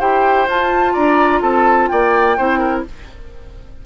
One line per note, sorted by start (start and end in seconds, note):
0.00 0.48 E4
0.00 0.47 G4
0.00 0.94 C5
0.00 0.48 G5
0.48 0.95 F4
0.48 2.39 F4
0.48 0.95 A5
0.94 1.42 D4
0.94 1.41 D5
0.94 1.42 A#5
1.42 1.89 C4
1.42 1.89 A4
1.42 1.88 A5
1.88 2.39 A#3
1.88 2.38 D5
1.88 2.83 G5
2.38 2.86 C4
2.38 2.86 E4
2.38 2.59 C5
2.59 2.83 A#4